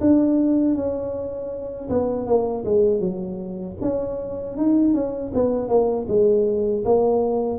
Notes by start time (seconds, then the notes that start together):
0.00 D4
0.75 C#4
1.89 B3
2.26 A#3
2.64 G#3
3.00 F#3
3.81 C#4
4.57 D#4
4.94 C#4
5.34 B3
5.68 A#3
6.08 G#3
6.85 A#3